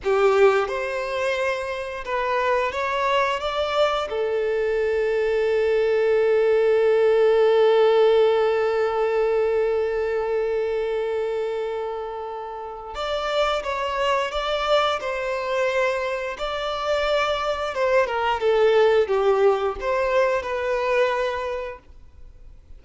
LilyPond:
\new Staff \with { instrumentName = "violin" } { \time 4/4 \tempo 4 = 88 g'4 c''2 b'4 | cis''4 d''4 a'2~ | a'1~ | a'1~ |
a'2. d''4 | cis''4 d''4 c''2 | d''2 c''8 ais'8 a'4 | g'4 c''4 b'2 | }